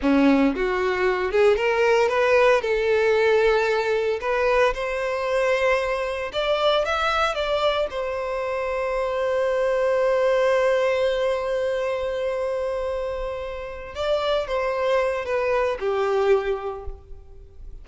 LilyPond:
\new Staff \with { instrumentName = "violin" } { \time 4/4 \tempo 4 = 114 cis'4 fis'4. gis'8 ais'4 | b'4 a'2. | b'4 c''2. | d''4 e''4 d''4 c''4~ |
c''1~ | c''1~ | c''2~ c''8 d''4 c''8~ | c''4 b'4 g'2 | }